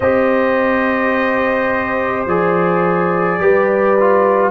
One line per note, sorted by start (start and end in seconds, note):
0.00 2.25 C4
0.00 2.28 G4
0.00 3.38 C5
0.00 2.25 D#5
2.25 3.38 F3
2.25 3.40 G#4
2.25 4.50 D5
3.38 4.50 G3
3.38 3.96 G4
3.38 4.50 B4
4.00 4.50 F4